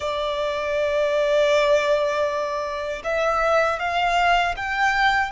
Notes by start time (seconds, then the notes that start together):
0.00 D5
3.03 E5
3.79 F5
4.56 G5